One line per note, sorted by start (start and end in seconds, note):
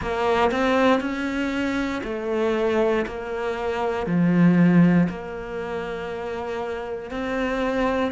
0.01 0.51 A#3
0.51 1.00 C4
1.00 2.02 C#4
2.03 3.05 A3
3.06 4.06 A#3
4.06 5.08 F3
5.09 7.10 A#3
7.10 8.11 C4